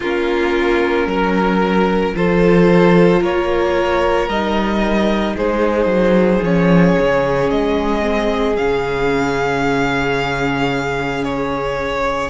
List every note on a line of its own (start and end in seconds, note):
0.00 1.06 A#3
0.00 2.15 C#4
0.00 1.06 F4
0.00 2.15 A#4
1.06 2.13 F#3
1.06 2.15 A#4
2.14 3.21 F3
2.14 4.29 F4
2.14 3.20 A4
2.14 3.23 C5
3.20 4.28 A#3
3.20 5.34 A#4
3.20 4.28 C#5
4.28 5.35 G3
4.28 6.44 D#4
4.28 5.35 D#5
5.35 5.85 G#3
5.35 12.29 G#4
5.35 6.44 C5
5.85 6.39 F#3
6.42 6.96 F3
6.42 8.01 C#4
6.42 7.50 C#5
6.99 7.50 C#3
7.50 8.57 G#3
7.50 8.56 D#5
8.01 8.55 C4
8.56 12.29 C#3
8.56 12.29 C#4
8.56 11.23 F5
11.23 12.29 C#5